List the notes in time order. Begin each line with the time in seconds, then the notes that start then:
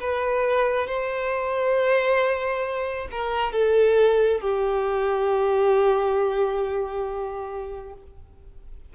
0.00 B4
0.87 C5
3.11 A#4
3.53 A4
4.41 G4